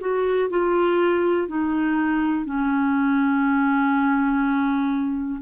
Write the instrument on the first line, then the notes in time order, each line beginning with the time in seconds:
clarinet
0.00 F#4
0.50 F4
1.48 D#4
2.45 C#4